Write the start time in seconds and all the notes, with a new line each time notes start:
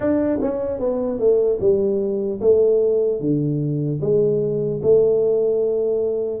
0.00 D4
0.41 C#4
0.79 B3
1.19 A3
1.60 G3
2.40 A3
3.20 D3
4.01 G#3
4.82 A3